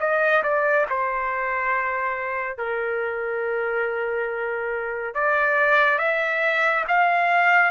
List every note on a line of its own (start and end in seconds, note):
0.00 0.43 D#5
0.43 0.86 D5
0.90 2.57 C5
2.57 5.14 A#4
5.14 5.98 D5
5.98 6.84 E5
6.88 7.71 F5